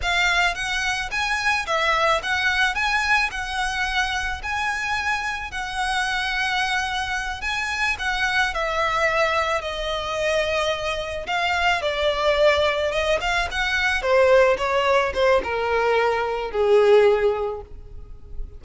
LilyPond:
\new Staff \with { instrumentName = "violin" } { \time 4/4 \tempo 4 = 109 f''4 fis''4 gis''4 e''4 | fis''4 gis''4 fis''2 | gis''2 fis''2~ | fis''4. gis''4 fis''4 e''8~ |
e''4. dis''2~ dis''8~ | dis''8 f''4 d''2 dis''8 | f''8 fis''4 c''4 cis''4 c''8 | ais'2 gis'2 | }